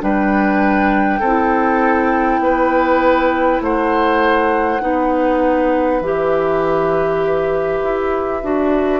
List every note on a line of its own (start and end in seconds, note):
0.00 1.20 G3
0.00 1.20 D4
0.00 1.20 B4
0.00 3.62 G5
1.20 2.39 C4
1.20 2.40 A4
1.26 4.80 E4
2.39 3.59 B3
2.39 3.63 B4
3.60 4.80 A3
3.60 4.82 C5
3.60 6.01 F#5
4.80 6.01 B3
4.80 6.00 D#4
4.80 9.00 B4
6.01 7.81 E3
6.01 8.43 G4
6.01 9.00 E5
7.83 8.43 E4
8.43 9.00 D4
8.43 9.00 F#4